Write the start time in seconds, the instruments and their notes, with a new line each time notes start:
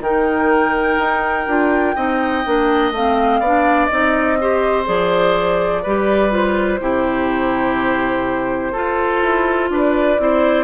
0.00 bassoon D#3, clarinet D#4, oboe A#4, flute G5
0.98 bassoon D#4
1.47 bassoon D4, clarinet F4
1.95 bassoon C4, clarinet D#4, oboe D#5
2.45 bassoon A#3, clarinet D4
2.91 bassoon A3, clarinet C4, flute F5
3.40 bassoon B3, clarinet D4, oboe D5
3.86 clarinet D#4, flute D#5
3.92 bassoon C4
4.40 clarinet G4, oboe C5
4.85 bassoon F3, clarinet G#4, flute D5
5.82 bassoon G3, clarinet G4, oboe B4
6.30 clarinet F4, flute C5
6.80 bassoon C3, clarinet E4, oboe G4
8.72 clarinet F4, bassoon F4, oboe A4
9.22 bassoon E4
9.70 bassoon D4, oboe B4, flute D5
10.18 bassoon C4, clarinet E4, oboe C5